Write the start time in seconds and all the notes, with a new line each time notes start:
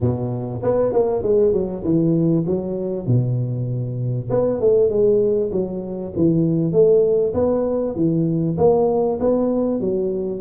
0.01 B2
0.62 B3
0.92 A#3
1.22 G#3
1.53 F#3
1.84 E3
2.47 F#3
3.06 B2
4.30 B3
4.60 A3
4.89 G#3
5.52 F#3
6.15 E3
6.72 A3
7.34 B3
7.95 E3
8.57 A#3
9.19 B3
9.80 F#3